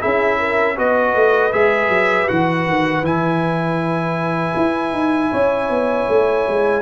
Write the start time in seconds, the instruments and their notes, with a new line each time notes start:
0.00 tuba C#4, trombone E4, horn G#4, trumpet E5
0.39 horn A#4
0.76 tuba B3, trombone F#4, horn B4, trumpet D#5
1.15 tuba A3
1.53 tuba G#3, trombone G#4, trumpet E5
1.89 tuba F#3
2.28 tuba E3, trombone F#4, trumpet F#5
2.66 tuba D#3
3.02 tuba E3, trombone E4, trumpet G#5
4.57 tuba E4
4.93 tuba D#4
5.31 tuba C#4, horn C#5
5.70 tuba B3
6.09 tuba A3
6.48 tuba G#3